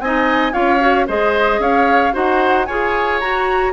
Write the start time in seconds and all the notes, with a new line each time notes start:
0.00 C4 D#4 D#5 G#5
0.53 C#4 F4 C#5 F5
0.80 F#4
1.07 G#3 G#4 C5 D#5
1.60 C#4 C#5 F5
2.12 D#4 F#4 C5 F#5
2.66 F4 G#4 C#5 G#5
3.20 F#4 A#5